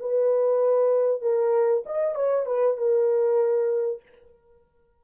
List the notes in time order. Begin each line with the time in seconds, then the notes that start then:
0.00 B4
1.21 A#4
1.86 D#5
2.15 C#5
2.46 B4
2.77 A#4